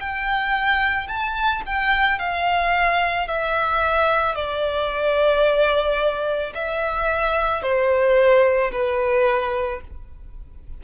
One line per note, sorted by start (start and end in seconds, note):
0.00 1.08 G5
1.08 1.63 A5
1.67 2.19 G5
2.19 3.28 F5
3.28 4.36 E5
4.36 6.54 D5
6.55 7.63 E5
7.63 8.72 C5
8.72 9.81 B4